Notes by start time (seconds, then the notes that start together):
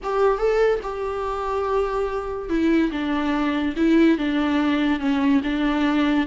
0.03 G4
0.38 A4
0.82 G4
2.49 E4
2.91 D4
3.76 E4
4.17 D4
4.99 C#4
5.43 D4